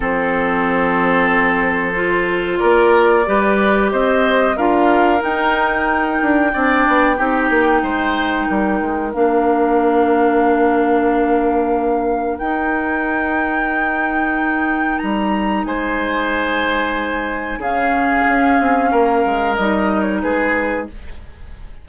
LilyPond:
<<
  \new Staff \with { instrumentName = "flute" } { \time 4/4 \tempo 4 = 92 c''1 | d''2 dis''4 f''4 | g''1~ | g''2 f''2~ |
f''2. g''4~ | g''2. ais''4 | gis''2. f''4~ | f''2 dis''8. cis''16 b'4 | }
  \new Staff \with { instrumentName = "oboe" } { \time 4/4 a'1 | ais'4 b'4 c''4 ais'4~ | ais'2 d''4 g'4 | c''4 ais'2.~ |
ais'1~ | ais'1 | c''2. gis'4~ | gis'4 ais'2 gis'4 | }
  \new Staff \with { instrumentName = "clarinet" } { \time 4/4 c'2. f'4~ | f'4 g'2 f'4 | dis'2 d'4 dis'4~ | dis'2 d'2~ |
d'2. dis'4~ | dis'1~ | dis'2. cis'4~ | cis'2 dis'2 | }
  \new Staff \with { instrumentName = "bassoon" } { \time 4/4 f1 | ais4 g4 c'4 d'4 | dis'4. d'8 c'8 b8 c'8 ais8 | gis4 g8 gis8 ais2~ |
ais2. dis'4~ | dis'2. g4 | gis2. cis4 | cis'8 c'8 ais8 gis8 g4 gis4 | }
>>